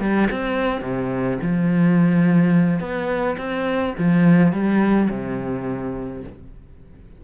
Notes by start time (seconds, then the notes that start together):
0.00 G3
0.31 C4
0.81 C3
1.42 F3
2.79 B3
3.37 C4
3.98 F3
4.52 G3
5.10 C3